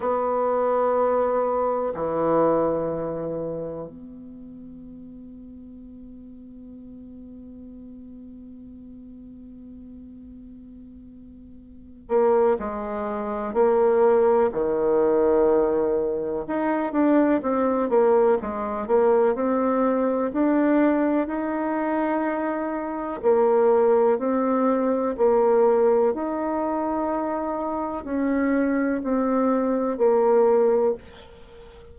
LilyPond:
\new Staff \with { instrumentName = "bassoon" } { \time 4/4 \tempo 4 = 62 b2 e2 | b1~ | b1~ | b8 ais8 gis4 ais4 dis4~ |
dis4 dis'8 d'8 c'8 ais8 gis8 ais8 | c'4 d'4 dis'2 | ais4 c'4 ais4 dis'4~ | dis'4 cis'4 c'4 ais4 | }